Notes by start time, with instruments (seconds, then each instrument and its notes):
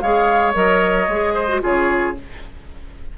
0.00 bassoon G#3, clarinet G#4, oboe C#5, flute F5
0.53 bassoon F#3, clarinet A#4, flute D#5
1.08 bassoon G#3, clarinet G#4
1.34 oboe C5
1.48 clarinet F#4
1.61 bassoon C#3, clarinet F4, oboe G#4, flute C#5